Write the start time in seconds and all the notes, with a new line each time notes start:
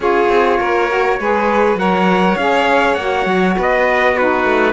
0.00 C#4 F4 G#4 C#5
0.28 C4
0.59 A#3 A#4
0.89 F#4
1.19 G#3 G#4 B4
1.75 F#3 A#4 C#5 F#5
2.37 C#4 G#4 F5
2.94 A#3 F#4 F#5
3.26 F#3
3.57 B3 B4 D#5
4.13 D#4 F#4 B4
4.44 A3